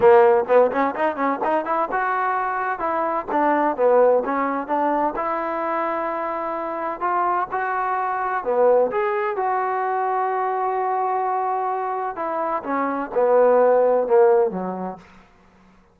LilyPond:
\new Staff \with { instrumentName = "trombone" } { \time 4/4 \tempo 4 = 128 ais4 b8 cis'8 dis'8 cis'8 dis'8 e'8 | fis'2 e'4 d'4 | b4 cis'4 d'4 e'4~ | e'2. f'4 |
fis'2 b4 gis'4 | fis'1~ | fis'2 e'4 cis'4 | b2 ais4 fis4 | }